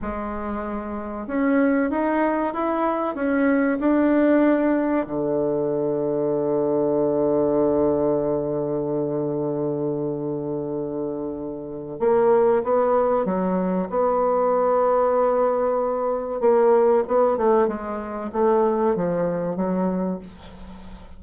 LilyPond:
\new Staff \with { instrumentName = "bassoon" } { \time 4/4 \tempo 4 = 95 gis2 cis'4 dis'4 | e'4 cis'4 d'2 | d1~ | d1~ |
d2. ais4 | b4 fis4 b2~ | b2 ais4 b8 a8 | gis4 a4 f4 fis4 | }